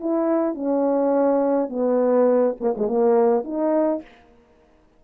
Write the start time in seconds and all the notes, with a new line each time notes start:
0.00 E4
0.54 C#4
1.69 B3
2.60 A#3
2.77 G#3
2.87 A#3
3.44 D#4